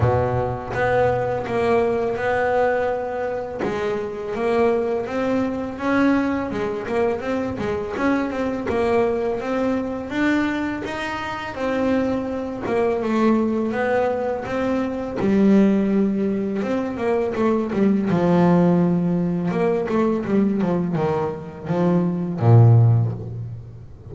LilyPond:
\new Staff \with { instrumentName = "double bass" } { \time 4/4 \tempo 4 = 83 b,4 b4 ais4 b4~ | b4 gis4 ais4 c'4 | cis'4 gis8 ais8 c'8 gis8 cis'8 c'8 | ais4 c'4 d'4 dis'4 |
c'4. ais8 a4 b4 | c'4 g2 c'8 ais8 | a8 g8 f2 ais8 a8 | g8 f8 dis4 f4 ais,4 | }